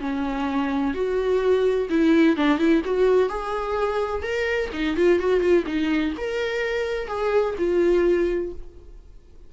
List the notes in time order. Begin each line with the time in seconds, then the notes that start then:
0.00 C#4
0.94 F#4
1.90 E4
2.36 D4
2.58 E4
2.85 F#4
3.29 G#4
4.22 A#4
4.73 D#4
4.96 F4
5.19 F#4
5.40 F4
5.66 D#4
6.17 A#4
7.08 G#4
7.58 F4